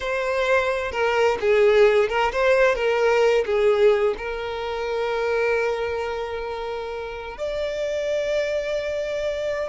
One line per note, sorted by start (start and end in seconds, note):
0.00 0.91 C5
0.91 1.37 A#4
1.40 2.08 G#4
2.08 2.31 A#4
2.31 2.75 C5
2.75 3.44 A#4
3.45 4.14 G#4
4.17 7.37 A#4
7.37 9.68 D5